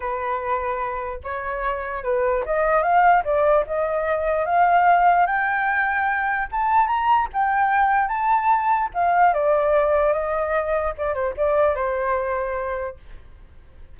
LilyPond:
\new Staff \with { instrumentName = "flute" } { \time 4/4 \tempo 4 = 148 b'2. cis''4~ | cis''4 b'4 dis''4 f''4 | d''4 dis''2 f''4~ | f''4 g''2. |
a''4 ais''4 g''2 | a''2 f''4 d''4~ | d''4 dis''2 d''8 c''8 | d''4 c''2. | }